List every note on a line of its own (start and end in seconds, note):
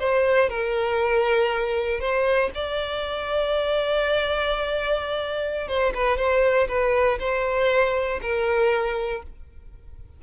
0.00 0.50 C5
0.50 2.01 A#4
2.01 2.51 C5
2.55 5.68 D5
5.68 5.94 C5
5.95 6.18 B4
6.18 6.68 C5
6.69 7.19 B4
7.20 8.21 C5
8.22 9.23 A#4